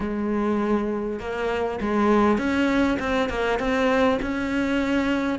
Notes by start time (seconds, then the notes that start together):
0.00 G#3
1.19 A#3
1.81 G#3
2.38 C#4
2.99 C4
3.29 A#3
3.59 C4
4.21 C#4